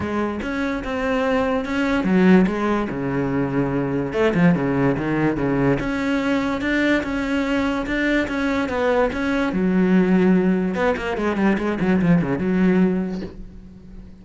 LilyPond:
\new Staff \with { instrumentName = "cello" } { \time 4/4 \tempo 4 = 145 gis4 cis'4 c'2 | cis'4 fis4 gis4 cis4~ | cis2 a8 f8 cis4 | dis4 cis4 cis'2 |
d'4 cis'2 d'4 | cis'4 b4 cis'4 fis4~ | fis2 b8 ais8 gis8 g8 | gis8 fis8 f8 cis8 fis2 | }